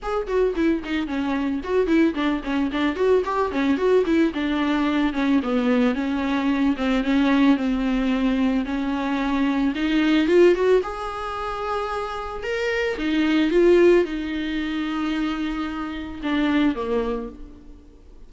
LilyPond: \new Staff \with { instrumentName = "viola" } { \time 4/4 \tempo 4 = 111 gis'8 fis'8 e'8 dis'8 cis'4 fis'8 e'8 | d'8 cis'8 d'8 fis'8 g'8 cis'8 fis'8 e'8 | d'4. cis'8 b4 cis'4~ | cis'8 c'8 cis'4 c'2 |
cis'2 dis'4 f'8 fis'8 | gis'2. ais'4 | dis'4 f'4 dis'2~ | dis'2 d'4 ais4 | }